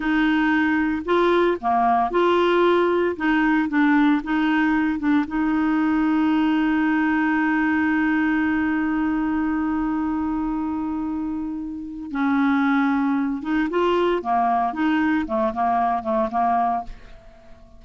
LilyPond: \new Staff \with { instrumentName = "clarinet" } { \time 4/4 \tempo 4 = 114 dis'2 f'4 ais4 | f'2 dis'4 d'4 | dis'4. d'8 dis'2~ | dis'1~ |
dis'1~ | dis'2. cis'4~ | cis'4. dis'8 f'4 ais4 | dis'4 a8 ais4 a8 ais4 | }